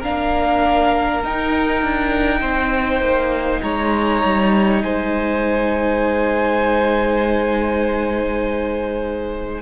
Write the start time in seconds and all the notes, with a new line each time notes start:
0.00 A#3 D4 A#4 F5
1.23 D#4 G5
1.82 D4
2.40 C4 C5
3.01 A#3
3.62 G#3 C#5 A#5
4.24 G3
4.83 G#3 C5 G#5